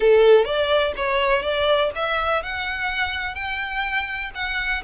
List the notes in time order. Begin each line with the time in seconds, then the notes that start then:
0.00 A4
0.44 D5
0.96 C#5
1.42 D5
1.95 E5
2.42 F#5
3.34 G5
4.34 F#5